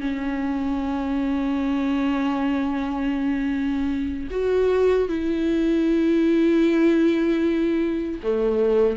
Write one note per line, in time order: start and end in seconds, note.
0.00 4.29 C#4
4.30 5.08 F#4
5.09 8.20 E4
8.23 8.96 A3